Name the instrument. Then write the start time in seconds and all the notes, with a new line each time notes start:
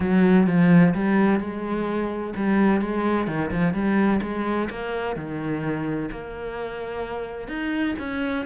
cello
0.00 F#3
0.47 F3
0.94 G3
1.39 G#3
2.36 G3
2.81 G#3
3.27 D#3
3.51 F3
3.73 G3
4.22 G#3
4.70 A#3
5.15 D#3
6.11 A#3
7.48 D#4
7.99 C#4